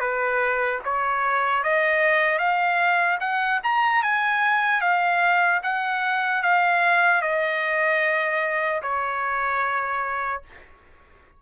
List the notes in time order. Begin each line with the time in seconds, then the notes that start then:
0.00 B4
0.85 C#5
1.64 D#5
2.39 F5
3.21 F#5
3.64 A#5
4.03 G#5
4.81 F5
5.63 F#5
6.43 F5
7.22 D#5
8.83 C#5